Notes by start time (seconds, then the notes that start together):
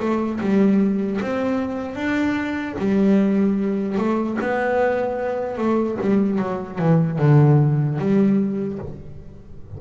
0.00 A3
0.41 G3
1.22 C4
1.96 D4
2.79 G3
3.98 A3
4.41 B3
5.58 A3
6.01 G3
6.39 F#3
6.79 E3
7.19 D3
7.99 G3